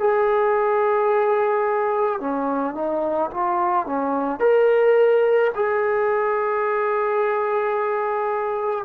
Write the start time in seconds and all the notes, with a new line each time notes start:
0.00 G#4
2.21 C#4
2.75 D#4
3.31 F4
3.86 C#4
4.40 A#4
5.55 G#4